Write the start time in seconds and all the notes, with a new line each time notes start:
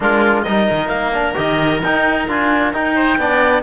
0.00 G#3 D4 F4 A#4
0.42 G3 D#4 A#4 D#5
0.70 D#3
0.87 A#3 F5
1.13 D4
1.34 D#3 G4 D#5
1.82 D#4 G5
2.28 D4 F4 G#5
2.73 D#4 G5
2.95 C5
3.18 B3 D4 D5